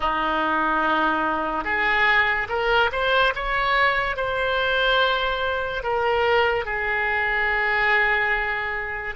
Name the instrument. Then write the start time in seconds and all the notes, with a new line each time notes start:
oboe
0.00 D#4
1.64 G#4
2.48 A#4
2.92 C5
3.35 C#5
4.16 C5
5.83 A#4
6.65 G#4